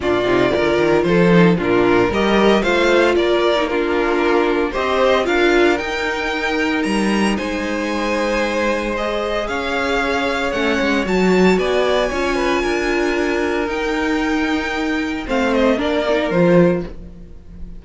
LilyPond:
<<
  \new Staff \with { instrumentName = "violin" } { \time 4/4 \tempo 4 = 114 d''2 c''4 ais'4 | dis''4 f''4 d''4 ais'4~ | ais'4 dis''4 f''4 g''4~ | g''4 ais''4 gis''2~ |
gis''4 dis''4 f''2 | fis''4 a''4 gis''2~ | gis''2 g''2~ | g''4 f''8 dis''8 d''4 c''4 | }
  \new Staff \with { instrumentName = "violin" } { \time 4/4 f'4 ais'4 a'4 f'4 | ais'4 c''4 ais'4 f'4~ | f'4 c''4 ais'2~ | ais'2 c''2~ |
c''2 cis''2~ | cis''2 d''4 cis''8 b'8 | ais'1~ | ais'4 c''4 ais'2 | }
  \new Staff \with { instrumentName = "viola" } { \time 4/4 d'8 dis'8 f'4. dis'8 d'4 | g'4 f'4.~ f'16 dis'16 d'4~ | d'4 g'4 f'4 dis'4~ | dis'1~ |
dis'4 gis'2. | cis'4 fis'2 f'4~ | f'2 dis'2~ | dis'4 c'4 d'8 dis'8 f'4 | }
  \new Staff \with { instrumentName = "cello" } { \time 4/4 ais,8 c8 d8 dis8 f4 ais,4 | g4 a4 ais2~ | ais4 c'4 d'4 dis'4~ | dis'4 g4 gis2~ |
gis2 cis'2 | a8 gis8 fis4 b4 cis'4 | d'2 dis'2~ | dis'4 a4 ais4 f4 | }
>>